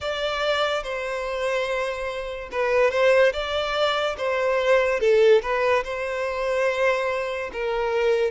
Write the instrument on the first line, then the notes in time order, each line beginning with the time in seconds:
violin
0.00 D5
0.83 C5
2.52 B4
2.91 C5
3.33 D5
4.17 C5
5.00 A4
5.42 B4
5.84 C5
7.52 A#4